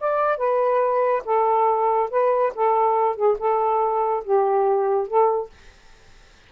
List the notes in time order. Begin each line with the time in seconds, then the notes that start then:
0.00 D5
0.38 B4
1.25 A4
2.10 B4
2.55 A4
3.16 G#4
3.39 A4
4.24 G4
5.07 A4